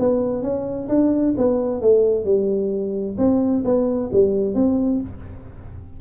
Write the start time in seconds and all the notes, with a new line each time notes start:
0.00 B3
0.43 C#4
0.89 D4
1.38 B3
1.82 A3
2.25 G3
3.18 C4
3.65 B3
4.13 G3
4.55 C4